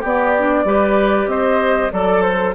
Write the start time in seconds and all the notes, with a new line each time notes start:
0.00 B3 G4 D5
0.38 D4
0.65 G3 G4 B4
1.27 C4 C5 D#5
1.91 F#3 A4 D5
2.22 C5